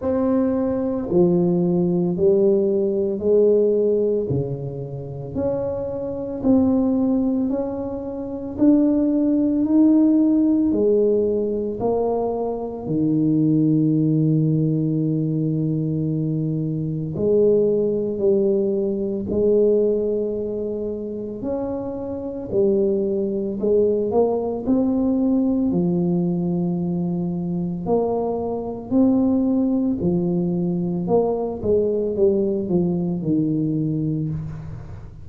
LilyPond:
\new Staff \with { instrumentName = "tuba" } { \time 4/4 \tempo 4 = 56 c'4 f4 g4 gis4 | cis4 cis'4 c'4 cis'4 | d'4 dis'4 gis4 ais4 | dis1 |
gis4 g4 gis2 | cis'4 g4 gis8 ais8 c'4 | f2 ais4 c'4 | f4 ais8 gis8 g8 f8 dis4 | }